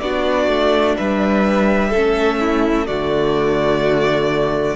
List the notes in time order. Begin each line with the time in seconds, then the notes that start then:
0.00 B3 D4 F#4 D5
0.47 A3
0.97 G3 B4 E5
1.89 A3 C#4 A4
2.40 E4
2.87 D3 A3 F#4 D5